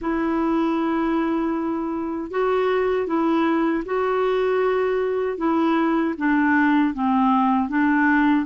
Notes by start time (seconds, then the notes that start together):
0.01 E4
2.30 F#4
3.06 E4
3.85 F#4
5.37 E4
6.17 D4
6.94 C4
7.69 D4